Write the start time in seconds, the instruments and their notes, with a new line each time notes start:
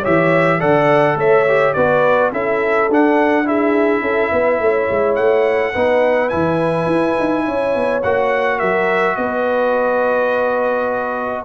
0.00 trombone G4, horn C#5, trumpet E5
0.07 tuba E3
0.59 tuba D3, trombone A4, horn D5, trumpet F#5
1.15 tuba A3, horn C#5, trumpet E5
1.48 trombone G4
1.73 tuba B3, trombone F#4, horn B4, trumpet D5
2.32 tuba C#4, trombone E4, horn A4, trumpet E5
2.89 tuba D4, trombone D4, trumpet F#5
3.45 trombone E4, horn G#4, trumpet E5
4.01 tuba C#4, horn A4
4.31 tuba B3, horn B4
4.60 tuba A3, horn C#5
4.90 tuba G#3
5.15 tuba A3, trumpet F#5
5.73 tuba B3, trombone D#4, horn B4
6.29 tuba E3, trombone E4, trumpet G#5
6.86 tuba E4
7.19 tuba D#4
7.45 tuba C#4, horn C#5
7.75 tuba B3
8.02 tuba A#3, trombone F#4, trumpet F#5
8.58 tuba F#3, horn A#4, trumpet E5
9.16 tuba B3, horn B4, trumpet D#5